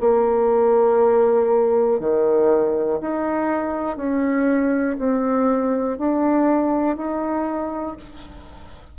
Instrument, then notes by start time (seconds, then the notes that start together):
bassoon
0.00 A#3
2.00 D#3
3.01 D#4
3.97 C#4
4.99 C4
5.99 D4
6.96 D#4